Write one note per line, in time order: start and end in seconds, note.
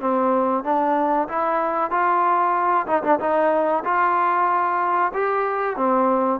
0.00 0.64 C4
0.64 1.28 D4
1.28 1.91 E4
1.91 2.86 F4
2.86 3.02 D#4
3.03 3.19 D4
3.19 3.83 D#4
3.84 5.12 F4
5.14 5.76 G4
5.76 6.40 C4